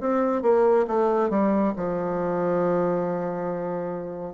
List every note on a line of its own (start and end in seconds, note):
0.00 0.42 C4
0.42 0.85 A#3
0.87 1.30 A3
1.30 1.73 G3
1.76 4.34 F3